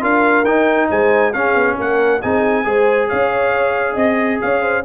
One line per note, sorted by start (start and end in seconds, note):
0.00 0.44 D4
0.00 0.44 F4
0.00 0.88 A#4
0.00 0.44 F5
0.44 0.88 D#4
0.44 1.33 D#4
0.44 0.88 G5
0.89 1.34 G#3
0.89 1.31 C5
0.89 1.32 G#5
1.31 2.21 C#4
1.31 1.54 C#4
1.31 1.75 G#4
1.31 1.76 F5
1.54 1.76 B3
1.78 2.22 A#3
1.78 2.21 A#4
1.78 2.21 F#5
2.21 2.65 C4
2.21 2.64 D#4
2.21 2.65 G#4
2.21 3.09 G#5
2.64 3.09 G#3
2.64 4.83 G#4
2.64 3.08 C5
3.08 3.96 C#4
3.08 3.93 C#5
3.08 3.96 F5
3.93 4.40 C4
3.93 4.36 D#5
3.93 4.40 D#5
4.41 4.85 C#4
4.41 4.61 C#5
4.41 4.85 F5
4.61 4.83 C5